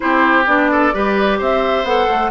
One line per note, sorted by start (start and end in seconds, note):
0.00 0.46 C4
0.00 0.44 E4
0.00 0.71 G4
0.00 0.44 C5
0.46 0.93 B3
0.46 0.93 D4
0.46 1.39 D5
0.71 0.94 A4
0.93 1.40 G3
0.93 1.85 G4
0.93 1.38 B4
1.38 1.83 C4
1.38 2.31 C5
1.38 1.85 E5
1.83 2.06 B3
1.83 2.31 A4
1.83 2.31 F#5
2.09 2.31 A3